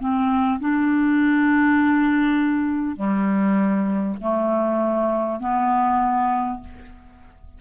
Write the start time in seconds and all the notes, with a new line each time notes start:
0.00 C4
0.60 D4
2.96 G3
4.21 A3
5.40 B3